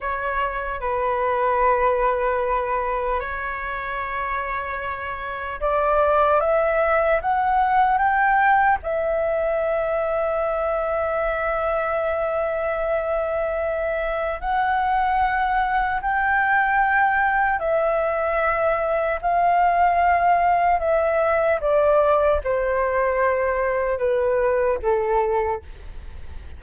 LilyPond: \new Staff \with { instrumentName = "flute" } { \time 4/4 \tempo 4 = 75 cis''4 b'2. | cis''2. d''4 | e''4 fis''4 g''4 e''4~ | e''1~ |
e''2 fis''2 | g''2 e''2 | f''2 e''4 d''4 | c''2 b'4 a'4 | }